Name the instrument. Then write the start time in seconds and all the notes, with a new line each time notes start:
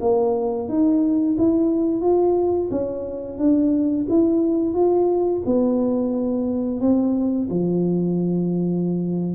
tuba
0.00 A#3
0.68 D#4
1.38 E4
2.01 F4
2.71 C#4
3.38 D4
4.09 E4
4.74 F4
5.45 B3
6.80 C4
7.50 F3